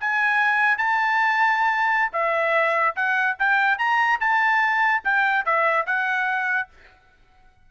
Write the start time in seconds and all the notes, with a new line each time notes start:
0.00 G#5
0.78 A5
2.13 E5
2.96 F#5
3.39 G5
3.78 A#5
4.20 A5
5.04 G5
5.45 E5
5.86 F#5